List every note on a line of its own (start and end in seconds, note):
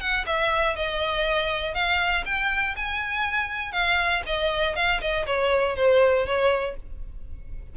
0.00 0.25 F#5
0.26 0.75 E5
0.75 1.74 D#5
1.74 2.24 F5
2.25 2.75 G5
2.76 3.72 G#5
3.72 4.22 F5
4.26 4.75 D#5
4.75 5.00 F5
5.01 5.26 D#5
5.26 5.76 C#5
5.76 6.26 C5
6.26 6.76 C#5